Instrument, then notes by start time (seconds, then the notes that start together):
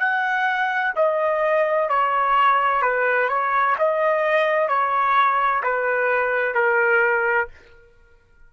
trumpet
0.00 F#5
0.96 D#5
1.90 C#5
2.83 B4
3.29 C#5
3.79 D#5
4.69 C#5
5.63 B4
6.55 A#4